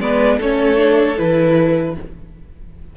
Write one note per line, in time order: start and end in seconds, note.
0.00 0.39 G#3
0.00 0.40 B3
0.00 0.38 B4
0.00 0.40 D5
0.38 1.19 A3
0.38 0.77 C#4
0.38 1.94 A4
0.38 1.18 C#5
0.77 1.16 D4
1.17 1.97 E3
1.17 1.95 E4
1.17 1.96 B4